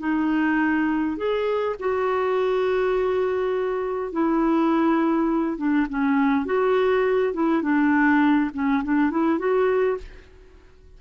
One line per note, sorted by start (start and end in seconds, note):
0.00 1.17 D#4
1.17 1.76 G#4
1.80 4.13 F#4
4.13 5.58 E4
5.58 5.87 D4
5.90 6.46 C#4
6.46 7.34 F#4
7.34 7.63 E4
7.63 8.51 D4
8.54 8.84 C#4
8.84 9.11 D4
9.11 9.39 E4
9.39 9.98 F#4